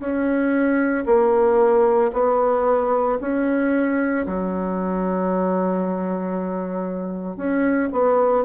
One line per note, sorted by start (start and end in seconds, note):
0.00 1.05 C#4
1.06 2.11 A#3
2.13 3.19 B3
3.21 4.26 C#4
4.26 7.37 F#3
7.37 7.89 C#4
7.93 8.45 B3